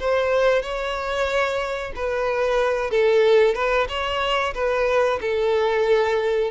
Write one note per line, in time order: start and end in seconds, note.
0.00 0.63 C5
0.63 1.93 C#5
1.96 2.91 B4
2.91 3.55 A4
3.55 3.88 B4
3.89 4.54 C#5
4.54 5.20 B4
5.21 6.51 A4